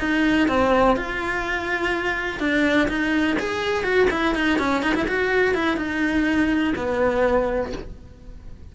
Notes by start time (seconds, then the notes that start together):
0.00 D#4
0.48 C4
0.97 F4
2.40 D4
2.89 D#4
3.39 G#4
3.84 F#4
4.11 E4
4.35 D#4
4.59 C#4
4.83 D#4
4.95 E4
5.08 F#4
5.55 E4
5.77 D#4
6.76 B3